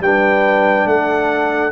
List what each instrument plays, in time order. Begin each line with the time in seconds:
0.00 tuba G3, trombone D4, horn B4, trumpet G5
0.86 tuba A3, horn A4, trumpet F#5